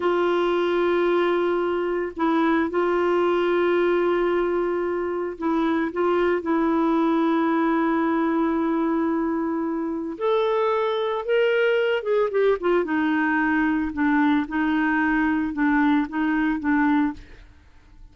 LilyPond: \new Staff \with { instrumentName = "clarinet" } { \time 4/4 \tempo 4 = 112 f'1 | e'4 f'2.~ | f'2 e'4 f'4 | e'1~ |
e'2. a'4~ | a'4 ais'4. gis'8 g'8 f'8 | dis'2 d'4 dis'4~ | dis'4 d'4 dis'4 d'4 | }